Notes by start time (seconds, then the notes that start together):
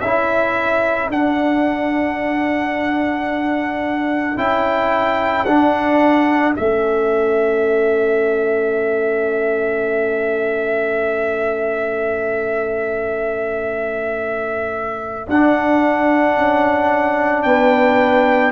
0.00 C#4 E4 A4 E5
1.08 D4 F#5
4.36 C#4 E4 G5
5.44 D4 F#5
6.54 A3 C#4 E5
15.28 D4 F#5
16.37 C#4
17.42 B3 B4 G5